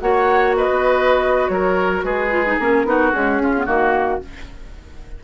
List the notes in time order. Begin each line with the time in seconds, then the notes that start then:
0.00 A#3 F#4 C#5 F#5
0.57 B4 D#5
0.69 B3
1.48 F#3 A#4 C#5
2.03 G#3 G#4 B4
2.30 F4
2.46 D#4
2.59 A#3 C#4 A#4
2.84 B3 D#4 F#4
3.12 G#3 C#4 G#4
3.41 C#4 F4
3.57 B3
3.65 D#3 A#3 F#4